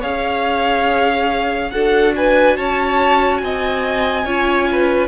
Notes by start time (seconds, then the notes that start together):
0.00 C#4 G#4 C#5 F5
1.70 D4 F#4 A4 F#5
2.16 B4 G#5
2.56 C#4 C#5 A5
3.37 C4 G#5
3.44 D#5
4.24 C#4 F4 C#5
4.71 B4